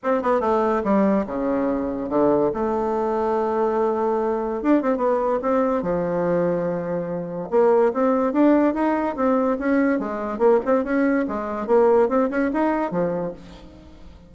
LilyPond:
\new Staff \with { instrumentName = "bassoon" } { \time 4/4 \tempo 4 = 144 c'8 b8 a4 g4 cis4~ | cis4 d4 a2~ | a2. d'8 c'8 | b4 c'4 f2~ |
f2 ais4 c'4 | d'4 dis'4 c'4 cis'4 | gis4 ais8 c'8 cis'4 gis4 | ais4 c'8 cis'8 dis'4 f4 | }